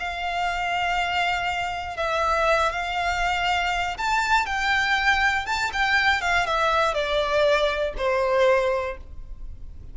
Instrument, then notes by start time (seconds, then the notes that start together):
violin
0.00 F5
1.97 E5
2.73 F5
3.98 A5
4.47 G5
5.46 A5
5.73 G5
6.22 F5
6.47 E5
6.95 D5
7.98 C5